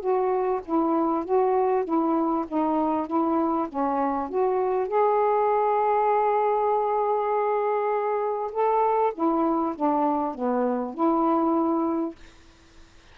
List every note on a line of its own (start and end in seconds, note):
0.00 0.61 F#4
0.65 1.24 E4
1.24 1.85 F#4
1.85 2.45 E4
2.47 3.07 D#4
3.07 3.67 E4
3.68 4.29 C#4
4.29 4.88 F#4
4.88 8.51 G#4
8.52 9.13 A4
9.14 9.75 E4
9.75 10.34 D4
10.34 10.94 B3
10.94 12.15 E4